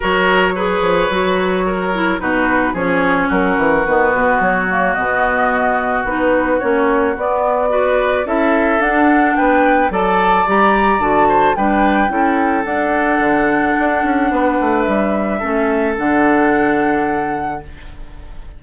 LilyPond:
<<
  \new Staff \with { instrumentName = "flute" } { \time 4/4 \tempo 4 = 109 cis''1 | b'4 cis''4 ais'4 b'4 | cis''4 dis''2 b'4 | cis''4 d''2 e''4 |
fis''4 g''4 a''4 ais''4 | a''4 g''2 fis''4~ | fis''2. e''4~ | e''4 fis''2. | }
  \new Staff \with { instrumentName = "oboe" } { \time 4/4 ais'4 b'2 ais'4 | fis'4 gis'4 fis'2~ | fis'1~ | fis'2 b'4 a'4~ |
a'4 b'4 d''2~ | d''8 c''8 b'4 a'2~ | a'2 b'2 | a'1 | }
  \new Staff \with { instrumentName = "clarinet" } { \time 4/4 fis'4 gis'4 fis'4. e'8 | dis'4 cis'2 b4~ | b8 ais8 b2 dis'4 | cis'4 b4 fis'4 e'4 |
d'2 a'4 g'4 | fis'4 d'4 e'4 d'4~ | d'1 | cis'4 d'2. | }
  \new Staff \with { instrumentName = "bassoon" } { \time 4/4 fis4. f8 fis2 | b,4 f4 fis8 e8 dis8 b,8 | fis4 b,2 b4 | ais4 b2 cis'4 |
d'4 b4 fis4 g4 | d4 g4 cis'4 d'4 | d4 d'8 cis'8 b8 a8 g4 | a4 d2. | }
>>